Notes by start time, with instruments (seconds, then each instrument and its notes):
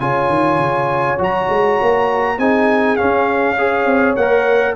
0.00 tuba C#3, trombone F4, horn C#5, trumpet G#5
0.29 tuba D#3
0.58 tuba C#3
1.18 tuba F#3, trombone F#4, trumpet A#5
1.49 tuba G#3
1.82 tuba A#3
2.38 tuba C4, trombone D#4, horn G#4, trumpet G#5
2.97 trombone C#4, tuba C#4, trumpet F5
3.56 trombone G#4, horn C#5
3.85 tuba C4
4.16 tuba A#3, trombone A#4, trumpet F#5